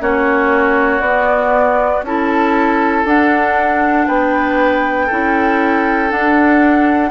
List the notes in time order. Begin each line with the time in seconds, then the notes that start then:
0.00 A#3 C#4 F#4 C#5
1.00 B3 D5
2.02 C#4 E4 A4 A5
3.05 D4 F#5
4.07 B3 B4 G5
5.06 C#4 E4 A4
6.10 D4 F#5